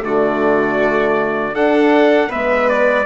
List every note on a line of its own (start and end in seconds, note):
0.00 1.54 D3
0.00 1.52 A3
0.00 1.54 F#4
0.00 1.55 D5
1.53 2.29 D4
1.53 2.30 D4
1.53 2.29 A4
1.53 2.31 F#5
2.29 3.05 G#3
2.29 3.05 B3
2.29 3.05 B4
2.29 2.69 E5
2.69 3.05 D5